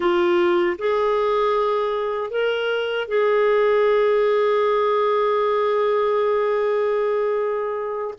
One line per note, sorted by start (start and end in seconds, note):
0.00 0.76 F4
0.78 2.30 G#4
2.30 3.08 A#4
3.08 8.14 G#4